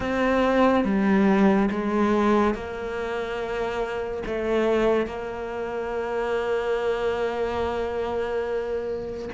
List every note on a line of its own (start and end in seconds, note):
0.00 0.84 C4
0.84 1.69 G3
1.71 2.54 G#3
2.54 4.23 A#3
4.26 5.06 A3
5.06 9.29 A#3